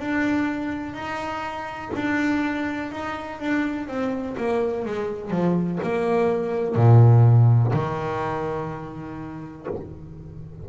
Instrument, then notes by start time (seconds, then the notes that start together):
double bass
0.00 D4
0.94 D#4
1.95 D4
2.92 D#4
3.40 D4
3.88 C4
4.38 A#3
4.86 G#3
5.31 F3
5.83 A#3
6.76 A#2
7.74 D#3